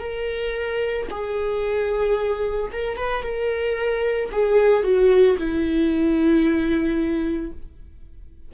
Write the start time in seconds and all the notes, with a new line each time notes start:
0.00 A#4
1.11 G#4
2.73 A#4
2.97 B4
3.23 A#4
4.32 G#4
4.84 F#4
5.38 E4